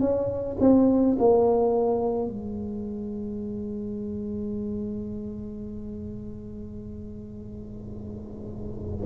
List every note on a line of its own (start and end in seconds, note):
0.00 0.57 C#4
0.60 1.17 C4
1.19 2.27 A#3
2.27 9.06 G#3